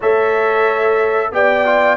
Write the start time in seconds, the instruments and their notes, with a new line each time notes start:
0.00 tuba A3, trombone A4, horn C#5, trumpet E5
1.31 tuba B3, trombone G4, horn D5, trumpet G5
1.65 trombone F4